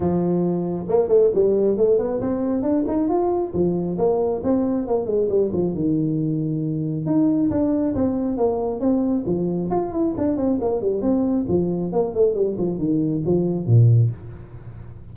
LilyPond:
\new Staff \with { instrumentName = "tuba" } { \time 4/4 \tempo 4 = 136 f2 ais8 a8 g4 | a8 b8 c'4 d'8 dis'8 f'4 | f4 ais4 c'4 ais8 gis8 | g8 f8 dis2. |
dis'4 d'4 c'4 ais4 | c'4 f4 f'8 e'8 d'8 c'8 | ais8 g8 c'4 f4 ais8 a8 | g8 f8 dis4 f4 ais,4 | }